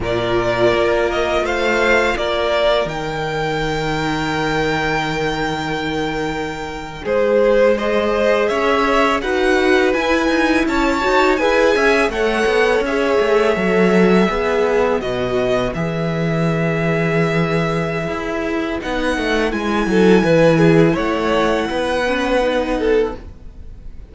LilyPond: <<
  \new Staff \with { instrumentName = "violin" } { \time 4/4 \tempo 4 = 83 d''4. dis''8 f''4 d''4 | g''1~ | g''4.~ g''16 c''4 dis''4 e''16~ | e''8. fis''4 gis''4 a''4 gis''16~ |
gis''8. fis''4 e''2~ e''16~ | e''8. dis''4 e''2~ e''16~ | e''2 fis''4 gis''4~ | gis''4 fis''2. | }
  \new Staff \with { instrumentName = "violin" } { \time 4/4 ais'2 c''4 ais'4~ | ais'1~ | ais'4.~ ais'16 gis'4 c''4 cis''16~ | cis''8. b'2 cis''4 b'16~ |
b'16 e''8 cis''2. b'16~ | b'1~ | b'2.~ b'8 a'8 | b'8 gis'8 cis''4 b'4. a'8 | }
  \new Staff \with { instrumentName = "viola" } { \time 4/4 f'1 | dis'1~ | dis'2~ dis'8. gis'4~ gis'16~ | gis'8. fis'4 e'4. fis'8 gis'16~ |
gis'8. a'4 gis'4 a'4 gis'16~ | gis'8. fis'4 gis'2~ gis'16~ | gis'2 dis'4 e'4~ | e'2~ e'8 cis'8 dis'4 | }
  \new Staff \with { instrumentName = "cello" } { \time 4/4 ais,4 ais4 a4 ais4 | dis1~ | dis4.~ dis16 gis2 cis'16~ | cis'8. dis'4 e'8 dis'8 cis'8 dis'8 e'16~ |
e'16 cis'8 a8 b8 cis'8 a8 fis4 b16~ | b8. b,4 e2~ e16~ | e4 e'4 b8 a8 gis8 fis8 | e4 a4 b2 | }
>>